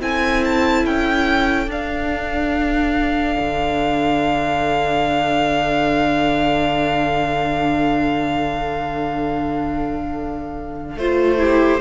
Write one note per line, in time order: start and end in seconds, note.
0.00 0.85 C4
0.00 1.69 E4
0.00 11.39 A4
0.00 0.44 G#5
0.44 0.86 A5
0.85 1.67 C#4
0.85 1.70 G5
1.67 3.36 D4
1.67 10.99 D4
1.67 10.98 F5
3.39 10.96 D3
10.96 11.80 A3
10.96 11.38 F4
10.96 11.81 C5
11.38 11.80 E4
11.38 11.81 G4